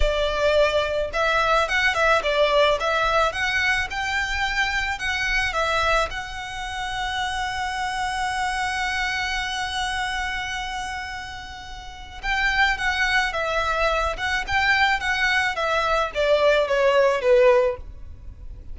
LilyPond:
\new Staff \with { instrumentName = "violin" } { \time 4/4 \tempo 4 = 108 d''2 e''4 fis''8 e''8 | d''4 e''4 fis''4 g''4~ | g''4 fis''4 e''4 fis''4~ | fis''1~ |
fis''1~ | fis''2 g''4 fis''4 | e''4. fis''8 g''4 fis''4 | e''4 d''4 cis''4 b'4 | }